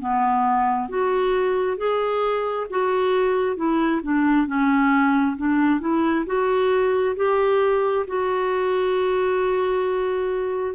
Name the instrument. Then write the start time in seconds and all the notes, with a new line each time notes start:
clarinet
0.00 B3
0.89 F#4
1.77 G#4
2.70 F#4
3.57 E4
4.03 D4
4.47 C#4
5.37 D4
5.80 E4
6.26 F#4
7.16 G4
8.07 F#4